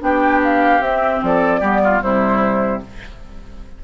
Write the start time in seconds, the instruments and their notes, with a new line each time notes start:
0.00 bassoon B3, clarinet D4, oboe G4, flute G5
0.43 flute F5
0.80 bassoon C4, clarinet C4, flute E5
1.23 bassoon F3, oboe A4, flute D5
1.60 bassoon G3, clarinet B3, oboe G4
1.84 oboe F4
2.01 bassoon C3, clarinet G3, oboe E4, flute C5